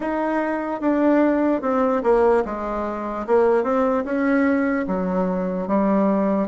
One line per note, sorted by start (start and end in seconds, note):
0.00 0.80 D#4
0.80 1.61 D4
1.61 2.02 C4
2.03 2.43 A#3
2.45 3.26 G#3
3.27 3.63 A#3
3.63 4.04 C4
4.04 4.85 C#4
4.87 5.67 F#3
5.67 6.48 G3